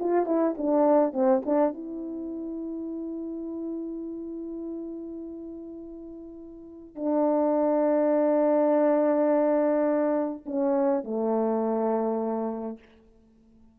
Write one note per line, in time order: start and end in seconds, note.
0.00 0.26 F4
0.26 0.55 E4
0.58 1.13 D4
1.13 1.42 C4
1.46 1.73 D4
1.73 6.96 E4
6.96 10.45 D4
10.46 11.04 C#4
11.04 12.79 A3